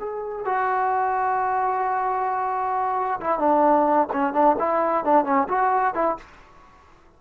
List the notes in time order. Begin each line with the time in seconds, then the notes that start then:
0.00 G#4
0.46 F#4
3.21 E4
3.39 D4
4.13 C#4
4.34 D4
4.59 E4
5.05 D4
5.25 C#4
5.49 F#4
5.95 E4